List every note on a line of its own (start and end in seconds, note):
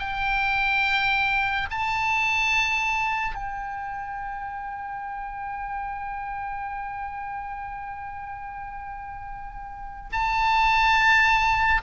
0.00 1.69 G5
1.71 3.35 A5
3.35 10.11 G5
10.13 11.82 A5